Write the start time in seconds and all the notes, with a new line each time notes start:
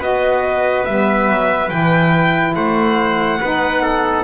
0.00 B3 F#4 B4 D#5
0.85 G3 B3 E5
1.29 F#3
1.70 E3 E4 G5
2.55 A3 C5 F#5
3.41 B3 D#4 B4
3.82 A4